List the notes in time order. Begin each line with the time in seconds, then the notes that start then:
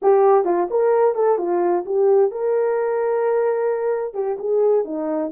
0.01 G4
0.44 F4
0.70 A#4
1.14 A4
1.38 F4
1.85 G4
2.31 A#4
4.14 G4
4.38 G#4
4.85 D#4